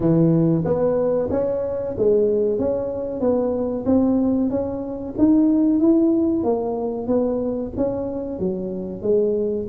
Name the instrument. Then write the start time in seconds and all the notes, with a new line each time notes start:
tuba
0.00 E3
0.64 B3
1.30 C#4
1.97 G#3
2.58 C#4
3.20 B3
3.85 C4
4.50 C#4
5.18 D#4
5.79 E4
6.43 A#3
7.07 B3
7.77 C#4
8.39 F#3
9.01 G#3